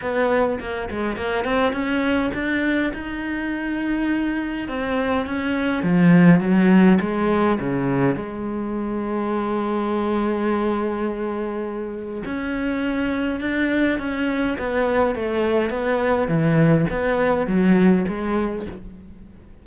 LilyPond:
\new Staff \with { instrumentName = "cello" } { \time 4/4 \tempo 4 = 103 b4 ais8 gis8 ais8 c'8 cis'4 | d'4 dis'2. | c'4 cis'4 f4 fis4 | gis4 cis4 gis2~ |
gis1~ | gis4 cis'2 d'4 | cis'4 b4 a4 b4 | e4 b4 fis4 gis4 | }